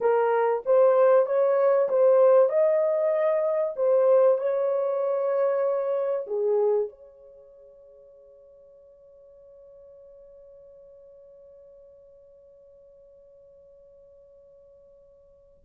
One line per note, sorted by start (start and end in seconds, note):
0.00 0.63 A#4
0.65 1.26 C5
1.26 1.88 C#5
1.88 2.49 C5
2.49 3.74 D#5
3.76 4.38 C5
4.38 6.25 C#5
6.26 6.89 G#4
6.89 15.64 C#5